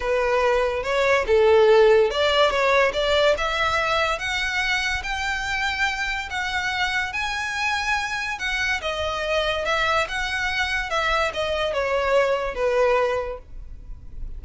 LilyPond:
\new Staff \with { instrumentName = "violin" } { \time 4/4 \tempo 4 = 143 b'2 cis''4 a'4~ | a'4 d''4 cis''4 d''4 | e''2 fis''2 | g''2. fis''4~ |
fis''4 gis''2. | fis''4 dis''2 e''4 | fis''2 e''4 dis''4 | cis''2 b'2 | }